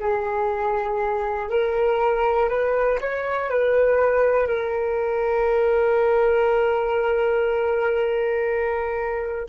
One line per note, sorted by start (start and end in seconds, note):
0.00 1.50 G#4
1.50 2.49 A#4
2.49 2.99 B4
3.01 3.50 C#5
3.50 4.48 B4
4.48 9.48 A#4